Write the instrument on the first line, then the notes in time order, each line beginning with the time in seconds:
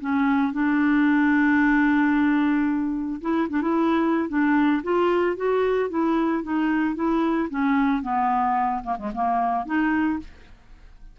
clarinet
0.00 C#4
0.53 D4
3.21 E4
3.49 D4
3.61 E4
4.28 D4
4.83 F4
5.36 F#4
5.90 E4
6.43 D#4
6.95 E4
7.50 C#4
8.02 B3
8.83 A#3
8.98 G#3
9.14 A#3
9.65 D#4